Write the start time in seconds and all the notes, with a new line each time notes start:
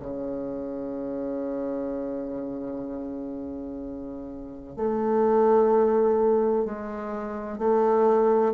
0.00 C#3
4.76 A3
6.65 G#3
7.58 A3